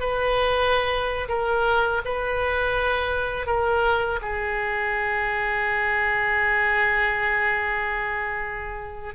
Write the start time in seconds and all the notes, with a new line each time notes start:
0.00 B4
1.29 A#4
2.05 B4
3.47 A#4
4.22 G#4